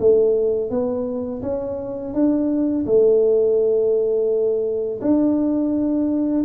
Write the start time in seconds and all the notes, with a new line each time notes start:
0.00 A3
0.71 B3
1.43 C#4
2.14 D4
2.86 A3
5.02 D4